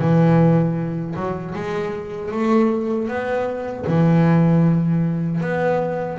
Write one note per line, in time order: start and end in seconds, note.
0.00 1.15 E3
1.16 1.55 F#3
1.56 2.32 G#3
2.32 3.08 A3
3.08 3.85 B3
3.87 5.41 E3
5.42 6.19 B3